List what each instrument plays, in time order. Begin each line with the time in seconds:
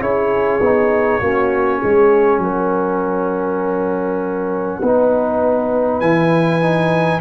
0.00 tuba C#4, trombone E4, horn G#4, trumpet C#5
0.60 tuba B3, trombone D#4
1.20 tuba A#3, trombone C#4, horn F#4
1.79 tuba G#3, horn G#4
2.38 tuba F#3, horn A#4, trumpet F#5
4.80 tuba B3, trombone D#4, horn B4
6.00 tuba E3, trombone E4, trumpet G#5
6.61 trombone D#4